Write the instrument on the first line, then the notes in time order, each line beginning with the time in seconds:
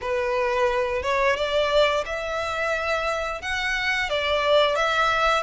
violin
0.01 B4
1.02 C#5
1.36 D5
2.05 E5
3.41 F#5
4.09 D5
4.75 E5